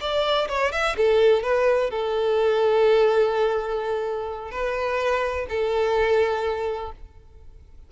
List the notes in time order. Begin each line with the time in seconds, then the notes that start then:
0.00 D5
0.48 C#5
0.72 E5
0.97 A4
1.42 B4
1.90 A4
4.51 B4
5.49 A4